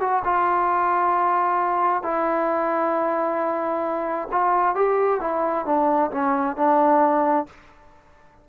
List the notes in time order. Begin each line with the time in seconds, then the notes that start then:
0.00 F#4
0.24 F4
2.02 E4
4.31 F4
4.75 G4
5.20 E4
5.65 D4
6.11 C#4
6.56 D4